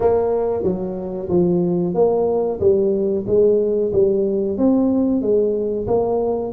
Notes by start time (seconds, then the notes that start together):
0.00 A#3
0.63 F#3
1.29 F3
1.94 A#3
2.60 G3
3.26 G#3
3.92 G3
4.57 C4
5.21 G#3
5.87 A#3